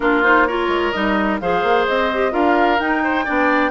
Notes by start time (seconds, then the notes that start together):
0.00 A#3 D4 F4 A#4
0.23 D#4 C5
0.47 F4 A#4 C#5
0.68 G#3
0.91 G3 D#4 D#5
1.40 F3 G#4 C5 F5
1.63 A#3
1.87 C4 D#5
2.13 G4
2.31 D4 F4 A#4 F5
2.79 D#4 G5
3.03 C5
3.24 B3 D4 D5